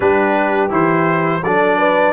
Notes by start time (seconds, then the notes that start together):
0.00 G3 D4 G4 B4
0.69 E3 E4 C5
1.43 F#3 D4 A4 D5
1.77 B4